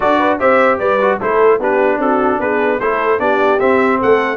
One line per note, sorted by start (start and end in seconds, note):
0.00 0.40 D4
0.00 0.39 F#4
0.00 0.19 A4
0.00 0.39 D5
0.19 0.39 B4
0.39 0.79 C4
0.39 0.99 G4
0.39 0.78 C5
0.39 0.78 E5
0.78 1.19 G3
0.78 1.18 B4
0.78 1.18 D5
1.00 1.20 F#4
1.19 1.59 A3
1.19 1.60 E4
1.19 1.59 A4
1.19 1.61 C5
1.59 1.98 B3
1.59 2.80 D4
1.59 1.99 G4
1.59 2.01 B4
1.98 2.38 C4
1.98 2.40 F#4
1.98 2.40 A4
2.39 2.79 B3
2.39 2.80 G#4
2.39 2.79 B4
2.79 3.19 A3
2.79 3.18 E4
2.79 3.20 A4
2.79 3.19 C5
3.18 3.59 B3
3.18 3.58 D4
3.18 3.99 G4
3.18 3.59 D5
3.59 4.37 C4
3.59 4.00 C4
3.59 3.99 E5
3.99 4.37 A3
3.99 4.37 A4
3.99 4.37 F#5